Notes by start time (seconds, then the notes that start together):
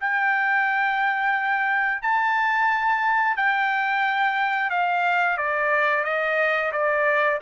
0.00 G5
2.02 A5
3.37 G5
4.70 F5
5.37 D5
6.04 D#5
6.72 D5